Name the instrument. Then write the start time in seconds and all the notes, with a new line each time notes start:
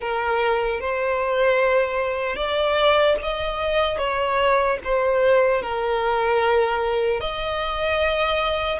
violin
0.00 A#4
0.80 C5
2.36 D5
3.22 D#5
3.98 C#5
4.84 C5
5.62 A#4
7.20 D#5